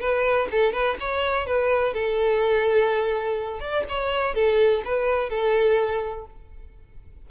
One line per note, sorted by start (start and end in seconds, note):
0.00 0.48 B4
0.51 0.73 A4
0.73 0.97 B4
1.00 1.46 C#5
1.46 1.94 B4
1.94 3.60 A4
3.60 3.84 D5
3.89 4.34 C#5
4.34 4.82 A4
4.85 5.30 B4
5.30 6.26 A4